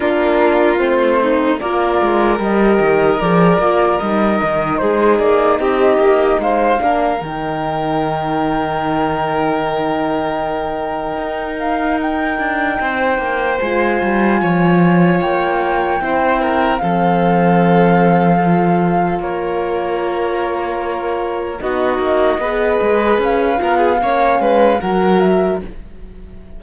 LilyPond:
<<
  \new Staff \with { instrumentName = "flute" } { \time 4/4 \tempo 4 = 75 ais'4 c''4 d''4 dis''4 | d''4 dis''4 c''8 d''8 dis''4 | f''4 g''2.~ | g''2~ g''8 f''8 g''4~ |
g''4 gis''2 g''4~ | g''4 f''2. | cis''2. dis''4~ | dis''4 f''2 fis''8 e''8 | }
  \new Staff \with { instrumentName = "violin" } { \time 4/4 f'4. dis'8 ais'2~ | ais'2 gis'4 g'4 | c''8 ais'2.~ ais'8~ | ais'1 |
c''2 cis''2 | c''8 ais'8 a'2. | ais'2. fis'4 | b'4. ais'16 gis'16 cis''8 b'8 ais'4 | }
  \new Staff \with { instrumentName = "horn" } { \time 4/4 d'4 c'4 f'4 g'4 | gis'8 f'8 dis'2.~ | dis'8 d'8 dis'2.~ | dis'1~ |
dis'4 f'2. | e'4 c'2 f'4~ | f'2. dis'4 | gis'4. f'8 cis'4 fis'4 | }
  \new Staff \with { instrumentName = "cello" } { \time 4/4 ais4 a4 ais8 gis8 g8 dis8 | f8 ais8 g8 dis8 gis8 ais8 c'8 ais8 | gis8 ais8 dis2.~ | dis2 dis'4. d'8 |
c'8 ais8 gis8 g8 f4 ais4 | c'4 f2. | ais2. b8 ais8 | b8 gis8 cis'8 b8 ais8 gis8 fis4 | }
>>